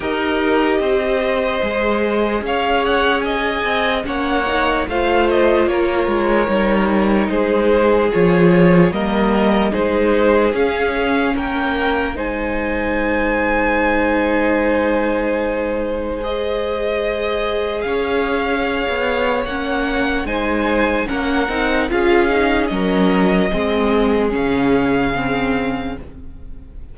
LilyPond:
<<
  \new Staff \with { instrumentName = "violin" } { \time 4/4 \tempo 4 = 74 dis''2. f''8 fis''8 | gis''4 fis''4 f''8 dis''8 cis''4~ | cis''4 c''4 cis''4 dis''4 | c''4 f''4 g''4 gis''4~ |
gis''1 | dis''2 f''2 | fis''4 gis''4 fis''4 f''4 | dis''2 f''2 | }
  \new Staff \with { instrumentName = "violin" } { \time 4/4 ais'4 c''2 cis''4 | dis''4 cis''4 c''4 ais'4~ | ais'4 gis'2 ais'4 | gis'2 ais'4 c''4~ |
c''1~ | c''2 cis''2~ | cis''4 c''4 ais'4 gis'4 | ais'4 gis'2. | }
  \new Staff \with { instrumentName = "viola" } { \time 4/4 g'2 gis'2~ | gis'4 cis'8 dis'8 f'2 | dis'2 f'4 ais4 | dis'4 cis'2 dis'4~ |
dis'1 | gis'1 | cis'4 dis'4 cis'8 dis'8 f'8 dis'8 | cis'4 c'4 cis'4 c'4 | }
  \new Staff \with { instrumentName = "cello" } { \time 4/4 dis'4 c'4 gis4 cis'4~ | cis'8 c'8 ais4 a4 ais8 gis8 | g4 gis4 f4 g4 | gis4 cis'4 ais4 gis4~ |
gis1~ | gis2 cis'4~ cis'16 b8. | ais4 gis4 ais8 c'8 cis'4 | fis4 gis4 cis2 | }
>>